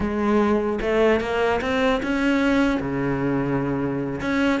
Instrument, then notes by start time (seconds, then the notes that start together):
cello
0.00 G#3
0.81 A3
1.20 A#3
1.61 C4
2.02 C#4
2.80 C#3
4.21 C#4